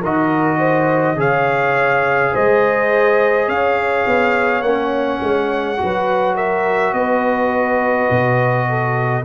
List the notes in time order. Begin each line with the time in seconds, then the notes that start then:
0.00 D#3 F#4 A#4 D#5
0.58 C5
1.15 C#3 G#4 C#5 F5
2.32 G#3 C5 D#5
3.47 C#4 C#5 F5
4.06 B3
4.61 A#3 C#4 F#5
5.22 G#3
5.77 F#4
5.83 F#3 B4
6.35 A#4 E5
6.93 B3 B4 D#5
8.10 B2
8.69 A4